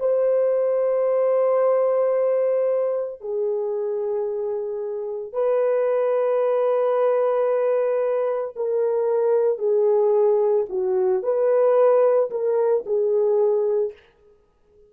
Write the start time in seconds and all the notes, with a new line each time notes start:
0.00 C5
3.21 G#4
5.33 B4
8.56 A#4
9.59 G#4
10.69 F#4
11.24 B4
12.31 A#4
12.86 G#4